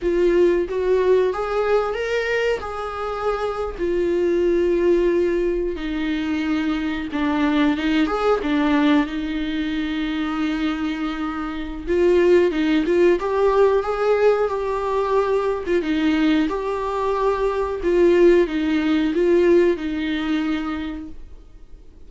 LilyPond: \new Staff \with { instrumentName = "viola" } { \time 4/4 \tempo 4 = 91 f'4 fis'4 gis'4 ais'4 | gis'4.~ gis'16 f'2~ f'16~ | f'8. dis'2 d'4 dis'16~ | dis'16 gis'8 d'4 dis'2~ dis'16~ |
dis'2 f'4 dis'8 f'8 | g'4 gis'4 g'4.~ g'16 f'16 | dis'4 g'2 f'4 | dis'4 f'4 dis'2 | }